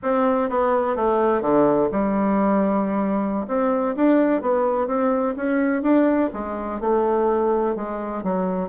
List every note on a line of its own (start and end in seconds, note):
0.02 0.49 C4
0.49 0.96 B3
0.96 1.41 A3
1.41 1.89 D3
1.91 3.46 G3
3.47 3.95 C4
3.95 4.41 D4
4.41 4.87 B3
4.87 5.34 C4
5.36 5.82 C#4
5.82 6.30 D4
6.33 6.80 G#3
6.80 7.75 A3
7.75 8.23 G#3
8.23 8.68 F#3